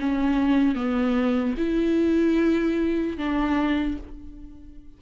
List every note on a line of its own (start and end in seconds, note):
0.00 0.75 C#4
0.75 1.55 B3
1.58 3.18 E4
3.18 3.98 D4